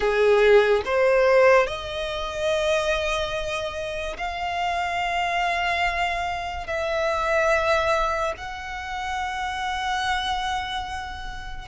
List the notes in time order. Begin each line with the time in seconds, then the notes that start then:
0.00 G#4
0.85 C5
1.67 D#5
4.17 F5
6.66 E5
8.37 F#5